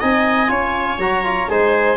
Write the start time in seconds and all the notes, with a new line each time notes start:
0.00 C4 D#4 D#5 G#5
0.48 C#4 F4 C#5
0.98 F#3 F#4 A#5
1.24 F4
1.49 G#3 D#4 C5 G#5